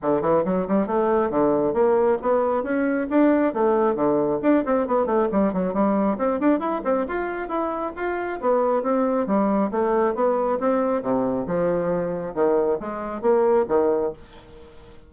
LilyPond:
\new Staff \with { instrumentName = "bassoon" } { \time 4/4 \tempo 4 = 136 d8 e8 fis8 g8 a4 d4 | ais4 b4 cis'4 d'4 | a4 d4 d'8 c'8 b8 a8 | g8 fis8 g4 c'8 d'8 e'8 c'8 |
f'4 e'4 f'4 b4 | c'4 g4 a4 b4 | c'4 c4 f2 | dis4 gis4 ais4 dis4 | }